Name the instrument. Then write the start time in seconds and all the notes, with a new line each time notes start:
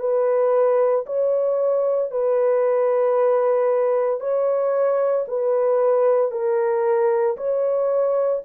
horn
0.00 B4
1.07 C#5
2.11 B4
4.20 C#5
5.28 B4
6.32 A#4
7.37 C#5